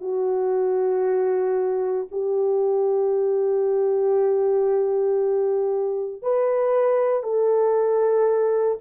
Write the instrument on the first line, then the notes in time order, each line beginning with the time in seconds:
horn
0.00 F#4
2.11 G4
6.22 B4
7.22 A4